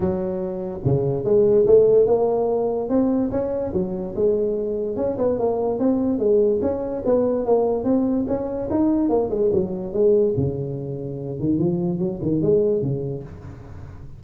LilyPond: \new Staff \with { instrumentName = "tuba" } { \time 4/4 \tempo 4 = 145 fis2 cis4 gis4 | a4 ais2 c'4 | cis'4 fis4 gis2 | cis'8 b8 ais4 c'4 gis4 |
cis'4 b4 ais4 c'4 | cis'4 dis'4 ais8 gis8 fis4 | gis4 cis2~ cis8 dis8 | f4 fis8 dis8 gis4 cis4 | }